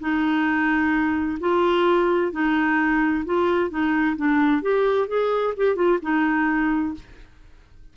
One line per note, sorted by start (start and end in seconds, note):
0.00 1.38 D#4
1.40 2.32 F4
2.32 3.24 D#4
3.25 3.70 F4
3.70 4.16 D#4
4.16 4.62 D4
4.62 5.08 G4
5.08 5.54 G#4
5.57 5.75 G4
5.75 5.99 F4
6.02 6.94 D#4